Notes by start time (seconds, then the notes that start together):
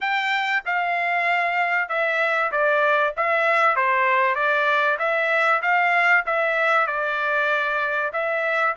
0.01 G5
0.65 F5
1.88 E5
2.51 D5
3.16 E5
3.76 C5
4.35 D5
4.99 E5
5.62 F5
6.26 E5
6.86 D5
8.12 E5